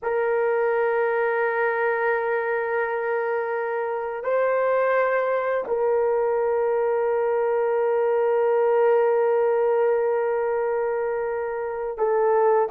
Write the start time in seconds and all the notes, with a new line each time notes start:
0.02 A#4
4.23 C5
5.67 A#4
11.98 A4